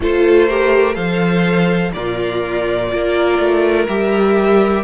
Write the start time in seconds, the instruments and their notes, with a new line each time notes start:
0.00 cello A3, viola F4, violin A4 C5
0.48 viola G4, violin A#4
0.94 cello F3, viola A4, violin C5 F5
1.92 cello A#2, violin F4 D5, viola A#4
2.89 cello A#3, viola F4, violin A#4
3.38 cello A3
3.87 cello G3, viola G4, violin E5